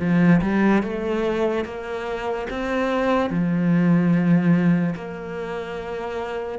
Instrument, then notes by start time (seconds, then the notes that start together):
cello
0.00 F3
0.42 G3
0.83 A3
1.65 A#3
2.50 C4
3.30 F3
4.95 A#3